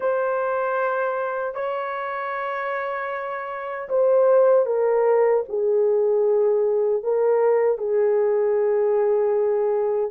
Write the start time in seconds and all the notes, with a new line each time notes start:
0.00 C5
1.54 C#5
3.89 C5
4.65 A#4
5.48 G#4
7.03 A#4
7.77 G#4